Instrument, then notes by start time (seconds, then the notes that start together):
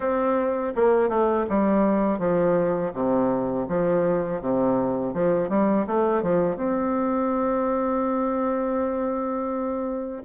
bassoon
0.00 C4
0.75 A#3
1.09 A3
1.49 G3
2.18 F3
2.93 C3
3.68 F3
4.41 C3
5.13 F3
5.49 G3
5.87 A3
6.22 F3
6.56 C4